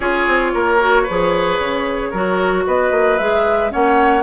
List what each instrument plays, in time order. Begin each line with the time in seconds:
0.00 bassoon C#4, clarinet F4, oboe G#4, flute C#5
0.27 bassoon C4
0.53 bassoon A#3, oboe A#4
0.80 clarinet F#4
1.03 oboe B4
1.09 bassoon F3, clarinet G#4
1.59 bassoon C#3
2.11 bassoon F#3, clarinet F#4, oboe A#4
2.66 bassoon B3, oboe B4, flute D#5
2.91 bassoon A#3
3.18 bassoon G#3, clarinet G#4, flute E5
3.69 bassoon A#3, clarinet C#4, oboe C#5, flute F#5